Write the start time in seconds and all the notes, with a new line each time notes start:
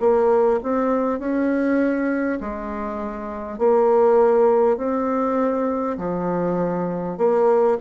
0.00 A#3
0.63 C4
1.19 C#4
2.41 G#3
3.58 A#3
4.77 C4
5.98 F3
7.17 A#3